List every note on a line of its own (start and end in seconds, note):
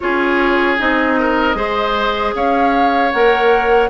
0.00 0.80 C#4
0.00 0.78 F4
0.00 1.19 G#4
0.00 0.76 C#5
0.78 1.54 C4
0.78 1.54 D#4
0.78 2.34 D#5
1.19 1.56 A#4
1.54 2.32 G#3
1.54 3.10 G#4
1.54 2.34 C5
2.35 3.12 C#4
2.35 3.89 C#5
2.35 3.11 F5
3.11 3.89 A#3
3.11 3.89 A#4
3.11 3.89 F#5